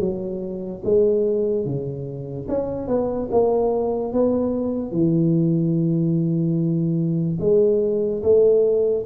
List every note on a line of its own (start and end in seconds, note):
0.00 0.82 F#3
0.85 1.66 G#3
1.66 2.48 C#3
2.49 2.88 C#4
2.88 3.29 B3
3.32 4.13 A#3
4.13 4.92 B3
4.92 7.39 E3
7.40 8.23 G#3
8.23 9.05 A3